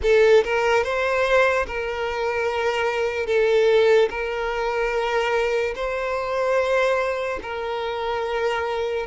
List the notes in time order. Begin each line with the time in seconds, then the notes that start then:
0.02 A4
0.44 A#4
0.83 C5
1.67 A#4
3.26 A4
4.09 A#4
5.75 C5
7.42 A#4